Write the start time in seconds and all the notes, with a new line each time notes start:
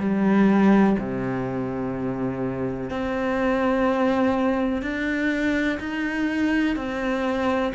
0.00 G3
0.99 C3
2.90 C4
4.82 D4
5.80 D#4
6.77 C4